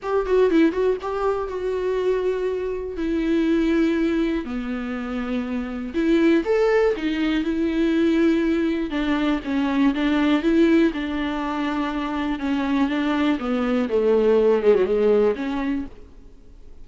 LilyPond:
\new Staff \with { instrumentName = "viola" } { \time 4/4 \tempo 4 = 121 g'8 fis'8 e'8 fis'8 g'4 fis'4~ | fis'2 e'2~ | e'4 b2. | e'4 a'4 dis'4 e'4~ |
e'2 d'4 cis'4 | d'4 e'4 d'2~ | d'4 cis'4 d'4 b4 | a4. gis16 fis16 gis4 cis'4 | }